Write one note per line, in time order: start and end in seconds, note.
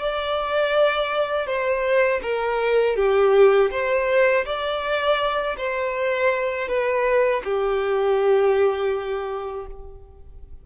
0.00 1.46 D5
1.46 2.21 C5
2.22 2.96 A#4
2.96 3.70 G4
3.71 4.45 C5
4.45 5.56 D5
5.58 6.68 C5
6.68 7.42 B4
7.44 9.66 G4